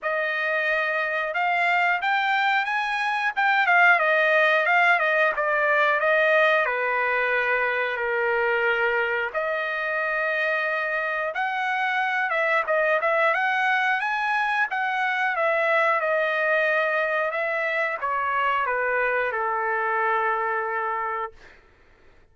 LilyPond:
\new Staff \with { instrumentName = "trumpet" } { \time 4/4 \tempo 4 = 90 dis''2 f''4 g''4 | gis''4 g''8 f''8 dis''4 f''8 dis''8 | d''4 dis''4 b'2 | ais'2 dis''2~ |
dis''4 fis''4. e''8 dis''8 e''8 | fis''4 gis''4 fis''4 e''4 | dis''2 e''4 cis''4 | b'4 a'2. | }